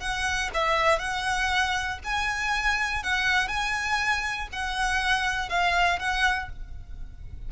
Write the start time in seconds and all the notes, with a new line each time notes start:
0.00 F#5
0.54 E5
0.99 F#5
2.04 G#5
3.03 F#5
3.48 G#5
4.52 F#5
5.49 F5
5.99 F#5